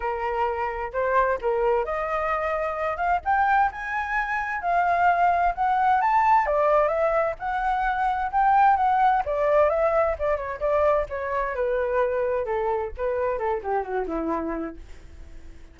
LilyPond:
\new Staff \with { instrumentName = "flute" } { \time 4/4 \tempo 4 = 130 ais'2 c''4 ais'4 | dis''2~ dis''8 f''8 g''4 | gis''2 f''2 | fis''4 a''4 d''4 e''4 |
fis''2 g''4 fis''4 | d''4 e''4 d''8 cis''8 d''4 | cis''4 b'2 a'4 | b'4 a'8 g'8 fis'8 e'4. | }